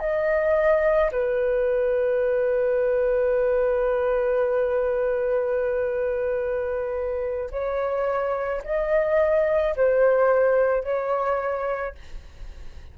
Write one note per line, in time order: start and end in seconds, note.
0.00 1.11 D#5
1.12 7.51 B4
7.52 8.63 C#5
8.65 9.76 D#5
9.77 10.84 C5
10.84 11.95 C#5